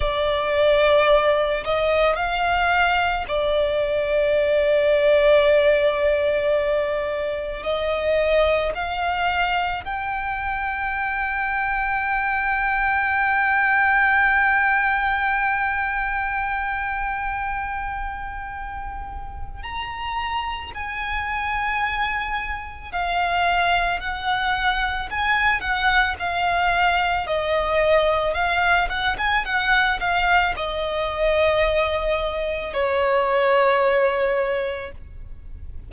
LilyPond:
\new Staff \with { instrumentName = "violin" } { \time 4/4 \tempo 4 = 55 d''4. dis''8 f''4 d''4~ | d''2. dis''4 | f''4 g''2.~ | g''1~ |
g''2 ais''4 gis''4~ | gis''4 f''4 fis''4 gis''8 fis''8 | f''4 dis''4 f''8 fis''16 gis''16 fis''8 f''8 | dis''2 cis''2 | }